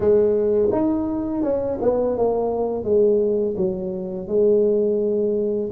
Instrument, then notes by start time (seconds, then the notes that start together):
tuba
0.00 G#3
0.71 D#4
1.43 C#4
1.81 B3
2.17 A#3
2.84 G#3
3.56 F#3
4.27 G#3